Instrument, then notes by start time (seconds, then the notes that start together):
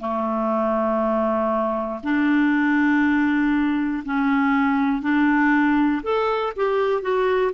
clarinet
0.00 A3
2.03 D4
4.05 C#4
5.02 D4
6.03 A4
6.56 G4
7.02 F#4